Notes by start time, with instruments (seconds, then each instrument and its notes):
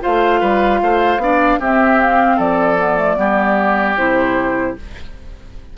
0.00 bassoon A3, clarinet F4, oboe C5, flute F5
0.40 bassoon G3, oboe B4
0.82 bassoon A3, oboe C5
1.17 bassoon B3, clarinet D4, oboe D5
1.59 bassoon C4, clarinet C4, oboe G4, flute E5
2.00 flute F5
2.37 bassoon F3, oboe A4, flute D5
2.78 clarinet B3
2.97 clarinet A3
3.16 bassoon G3, clarinet B3, oboe G4
3.96 bassoon C3, clarinet E4, flute C5